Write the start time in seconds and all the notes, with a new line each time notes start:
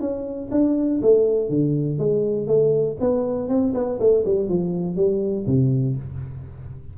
0.00 C#4
0.51 D4
1.02 A3
1.49 D3
1.98 G#3
2.47 A3
3.00 B3
3.48 C4
3.74 B3
4.00 A3
4.25 G3
4.49 F3
4.96 G3
5.47 C3